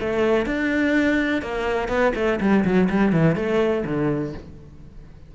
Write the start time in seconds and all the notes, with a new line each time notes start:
0.00 A3
0.46 D4
1.42 A#3
1.88 B3
2.15 A3
2.40 G3
2.65 F#3
2.89 G3
3.12 E3
3.36 A3
3.85 D3